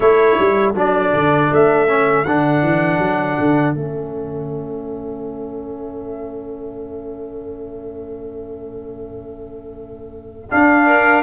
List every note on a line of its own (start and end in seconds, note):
0.00 0.37 A3
0.00 0.74 E4
0.00 10.86 A4
0.00 0.73 C#5
0.39 0.75 G3
0.75 1.12 F#3
0.75 1.87 D4
0.75 1.53 D5
1.13 1.50 D3
1.51 2.25 A3
1.51 2.24 E5
1.87 2.25 C#4
2.24 2.62 D3
2.24 3.74 D4
2.24 3.74 F#5
2.62 2.98 E3
2.98 3.36 F#3
3.38 3.75 D3
3.74 10.50 A3
3.74 10.49 C#4
3.74 10.49 E5
10.50 11.22 D4
10.50 11.22 F5
10.86 11.22 A#4